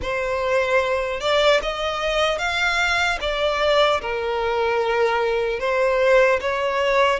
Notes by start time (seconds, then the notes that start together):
0.01 C5
1.20 D5
1.62 D#5
2.38 F5
3.20 D5
4.01 A#4
5.59 C5
6.40 C#5